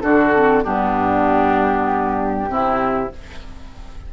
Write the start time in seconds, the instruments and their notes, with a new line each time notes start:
0.00 bassoon D3, clarinet D4, oboe F#4, flute A4
0.34 clarinet C4
0.63 bassoon G2, clarinet B3, oboe D4, flute G4
2.48 bassoon C3, clarinet C4, oboe E4